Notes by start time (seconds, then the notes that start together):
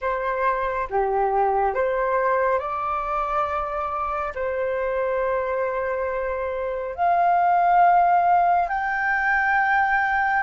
0.01 C5
0.89 G4
1.74 C5
2.59 D5
4.34 C5
6.95 F5
8.68 G5